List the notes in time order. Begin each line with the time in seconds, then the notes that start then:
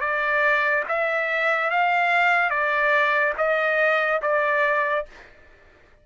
0.00 D5
0.88 E5
1.70 F5
2.50 D5
3.37 D#5
4.22 D5